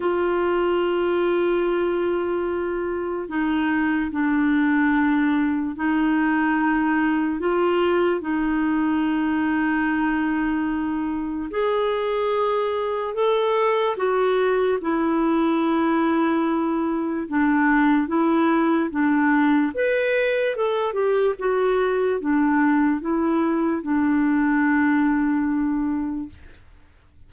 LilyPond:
\new Staff \with { instrumentName = "clarinet" } { \time 4/4 \tempo 4 = 73 f'1 | dis'4 d'2 dis'4~ | dis'4 f'4 dis'2~ | dis'2 gis'2 |
a'4 fis'4 e'2~ | e'4 d'4 e'4 d'4 | b'4 a'8 g'8 fis'4 d'4 | e'4 d'2. | }